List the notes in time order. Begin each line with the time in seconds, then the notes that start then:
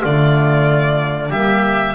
0.00 D3 A3 F4 D5
1.30 G3 A#3 G4 E5